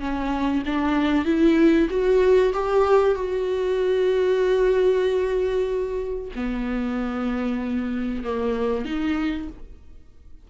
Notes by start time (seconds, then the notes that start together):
0.00 C#4
0.66 D4
1.25 E4
1.90 F#4
2.54 G4
3.16 F#4
6.36 B3
8.24 A#3
8.85 D#4